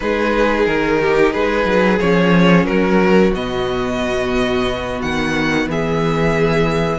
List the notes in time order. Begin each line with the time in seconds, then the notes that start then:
0.00 G#3 D#4 G#4 B4
0.65 D#3 A#4
1.01 G4
1.32 G#3 G#4 B4
1.65 F#3
1.99 F3 C#4 C#5
2.65 F#3 F#4 A#4
3.34 B2 B3 D#5
5.01 D#3 F#5
5.67 E3 G#4 E5